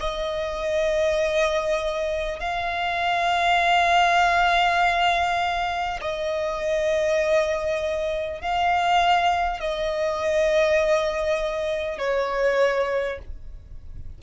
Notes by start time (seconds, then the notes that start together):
0.00 D#5
2.39 F5
6.01 D#5
8.41 F5
9.60 D#5
11.98 C#5